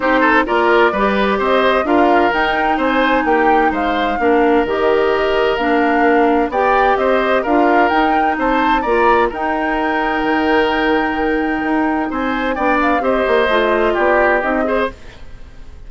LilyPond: <<
  \new Staff \with { instrumentName = "flute" } { \time 4/4 \tempo 4 = 129 c''4 d''2 dis''4 | f''4 g''4 gis''4 g''4 | f''2 dis''2 | f''2 g''4 dis''4 |
f''4 g''4 a''4 ais''4 | g''1~ | g''2 gis''4 g''8 f''8 | dis''2 d''4 dis''4 | }
  \new Staff \with { instrumentName = "oboe" } { \time 4/4 g'8 a'8 ais'4 b'4 c''4 | ais'2 c''4 g'4 | c''4 ais'2.~ | ais'2 d''4 c''4 |
ais'2 c''4 d''4 | ais'1~ | ais'2 c''4 d''4 | c''2 g'4. c''8 | }
  \new Staff \with { instrumentName = "clarinet" } { \time 4/4 dis'4 f'4 g'2 | f'4 dis'2.~ | dis'4 d'4 g'2 | d'2 g'2 |
f'4 dis'2 f'4 | dis'1~ | dis'2. d'4 | g'4 f'2 dis'8 gis'8 | }
  \new Staff \with { instrumentName = "bassoon" } { \time 4/4 c'4 ais4 g4 c'4 | d'4 dis'4 c'4 ais4 | gis4 ais4 dis2 | ais2 b4 c'4 |
d'4 dis'4 c'4 ais4 | dis'2 dis2~ | dis4 dis'4 c'4 b4 | c'8 ais8 a4 b4 c'4 | }
>>